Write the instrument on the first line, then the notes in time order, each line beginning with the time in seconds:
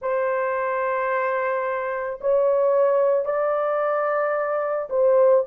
horn
0.01 C5
2.21 C#5
3.25 D5
4.89 C5